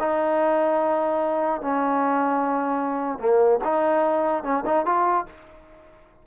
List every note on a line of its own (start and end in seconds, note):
0.00 1.62 D#4
1.62 3.19 C#4
3.19 3.60 A#3
3.64 4.44 D#4
4.44 4.64 C#4
4.66 4.86 D#4
4.86 5.26 F4